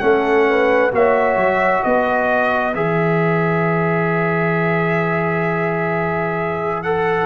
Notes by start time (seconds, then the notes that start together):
0.00 A3 C#4 A4 F#5
0.50 B4
0.92 A#3 F#4 C#5 E5
1.37 F#3
1.84 B3 B4 D#5
2.75 E3 G#4 E5
6.83 A4 F#5